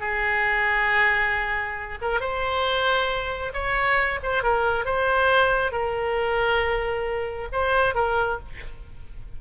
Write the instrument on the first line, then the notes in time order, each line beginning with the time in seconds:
oboe
0.00 G#4
2.01 A#4
2.20 C5
3.53 C#5
4.23 C5
4.43 A#4
4.85 C5
5.72 A#4
7.52 C5
7.95 A#4